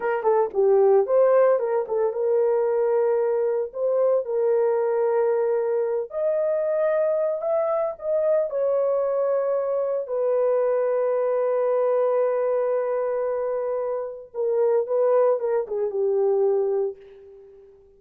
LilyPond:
\new Staff \with { instrumentName = "horn" } { \time 4/4 \tempo 4 = 113 ais'8 a'8 g'4 c''4 ais'8 a'8 | ais'2. c''4 | ais'2.~ ais'8 dis''8~ | dis''2 e''4 dis''4 |
cis''2. b'4~ | b'1~ | b'2. ais'4 | b'4 ais'8 gis'8 g'2 | }